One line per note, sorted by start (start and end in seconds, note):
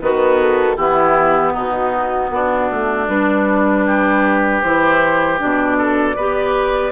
0.00 0.77 D#3
0.00 0.76 B3
0.00 0.77 F#4
0.00 0.39 B4
0.40 0.77 A4
0.76 1.54 E3
0.76 3.07 B3
0.76 1.52 E4
0.76 1.54 G4
1.52 2.30 B2
1.52 2.29 D#4
1.52 3.08 F#4
2.30 2.68 B3
2.30 3.86 D4
2.71 3.08 A3
3.08 4.62 G3
3.08 4.62 D4
3.08 4.62 B4
3.86 5.77 G4
4.62 5.40 E3
4.62 5.38 E4
4.62 5.39 C5
5.38 6.16 B2
5.38 6.15 D4
5.38 6.92 D5
5.77 6.15 A4
6.15 6.92 B3
6.15 6.92 G4
6.15 6.92 B4